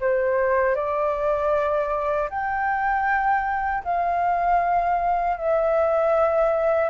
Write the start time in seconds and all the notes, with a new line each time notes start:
0.00 C5
0.75 D5
2.30 G5
3.84 F5
5.37 E5